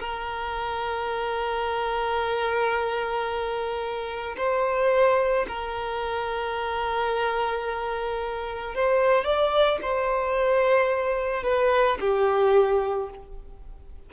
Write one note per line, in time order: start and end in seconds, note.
0.00 4.36 A#4
4.37 5.46 C5
5.48 8.75 A#4
8.75 9.25 C5
9.25 9.79 D5
9.82 11.43 C5
11.43 11.98 B4
12.00 13.10 G4